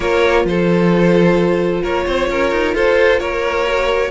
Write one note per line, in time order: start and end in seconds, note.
0.00 0.45 A#3
0.00 3.65 F4
0.00 0.45 A#4
0.00 0.46 C#5
0.45 1.82 F3
0.45 1.82 A4
0.45 1.83 C5
1.82 2.06 A#3
1.82 2.04 A#4
1.82 2.75 C#5
2.06 2.29 C4
2.06 2.29 C5
2.29 2.51 C#4
2.29 2.74 A#4
2.51 2.74 D#4
2.74 3.20 F4
2.74 3.19 A4
2.74 3.19 C5
3.19 4.11 A#3
3.19 4.11 A#4
3.19 4.11 C#5
3.65 4.10 F#4